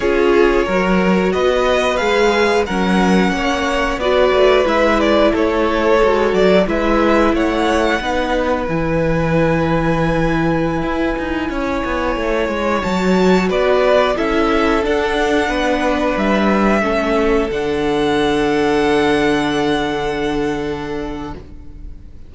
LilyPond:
<<
  \new Staff \with { instrumentName = "violin" } { \time 4/4 \tempo 4 = 90 cis''2 dis''4 f''4 | fis''2 d''4 e''8 d''8 | cis''4. d''8 e''4 fis''4~ | fis''4 gis''2.~ |
gis''2.~ gis''16 a''8.~ | a''16 d''4 e''4 fis''4.~ fis''16~ | fis''16 e''2 fis''4.~ fis''16~ | fis''1 | }
  \new Staff \with { instrumentName = "violin" } { \time 4/4 gis'4 ais'4 b'2 | ais'4 cis''4 b'2 | a'2 b'4 cis''4 | b'1~ |
b'4~ b'16 cis''2~ cis''8.~ | cis''16 b'4 a'2 b'8.~ | b'4~ b'16 a'2~ a'8.~ | a'1 | }
  \new Staff \with { instrumentName = "viola" } { \time 4/4 f'4 fis'2 gis'4 | cis'2 fis'4 e'4~ | e'4 fis'4 e'2 | dis'4 e'2.~ |
e'2.~ e'16 fis'8.~ | fis'4~ fis'16 e'4 d'4.~ d'16~ | d'4~ d'16 cis'4 d'4.~ d'16~ | d'1 | }
  \new Staff \with { instrumentName = "cello" } { \time 4/4 cis'4 fis4 b4 gis4 | fis4 ais4 b8 a8 gis4 | a4 gis8 fis8 gis4 a4 | b4 e2.~ |
e16 e'8 dis'8 cis'8 b8 a8 gis8 fis8.~ | fis16 b4 cis'4 d'4 b8.~ | b16 g4 a4 d4.~ d16~ | d1 | }
>>